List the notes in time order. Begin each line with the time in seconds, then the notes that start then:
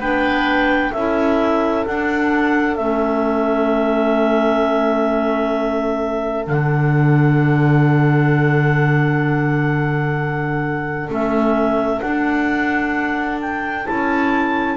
0.00 B3 D4 B4 G5
0.92 C#4 E4 A4 E5
1.86 D4 F#5
2.75 A3 C#4 E5
6.47 D3 D4 F#5
11.09 A3 C#4 E5
12.00 D4 F#5
13.41 G5
13.85 C#4 E4 A5